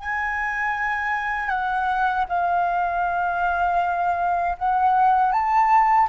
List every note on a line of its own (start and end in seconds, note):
0.00 1.49 G#5
1.49 2.25 F#5
2.29 4.57 F5
4.58 5.32 F#5
5.32 6.08 A5